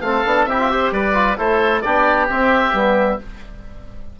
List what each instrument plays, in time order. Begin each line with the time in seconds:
0.00 bassoon A3, trombone C4, oboe F5
0.06 oboe A4
0.25 bassoon B3, trombone D4
0.45 bassoon C4, trombone E4, oboe G4 E5
0.59 trombone F4
0.69 trombone G4, oboe C5
0.91 bassoon G3, oboe B4 D5
1.13 trombone F4
1.36 bassoon A3, trombone E4, oboe A4 C5
1.81 bassoon B3, trombone D4, oboe G4 D5
2.29 bassoon C4, trombone C4, oboe E5
2.73 bassoon G3, trombone B3